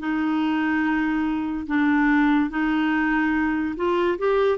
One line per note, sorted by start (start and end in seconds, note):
0.00 1.67 D#4
1.67 2.50 D4
2.51 3.76 D#4
3.77 4.19 F4
4.19 4.59 G4